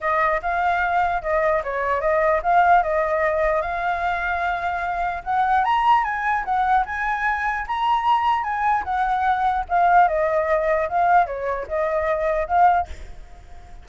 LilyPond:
\new Staff \with { instrumentName = "flute" } { \time 4/4 \tempo 4 = 149 dis''4 f''2 dis''4 | cis''4 dis''4 f''4 dis''4~ | dis''4 f''2.~ | f''4 fis''4 ais''4 gis''4 |
fis''4 gis''2 ais''4~ | ais''4 gis''4 fis''2 | f''4 dis''2 f''4 | cis''4 dis''2 f''4 | }